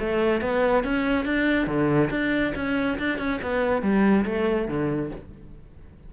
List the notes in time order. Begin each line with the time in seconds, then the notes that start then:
0.00 A3
0.42 B3
0.85 C#4
1.26 D4
1.67 D3
2.11 D4
2.56 C#4
2.99 D4
3.19 C#4
3.42 B3
3.83 G3
4.26 A3
4.69 D3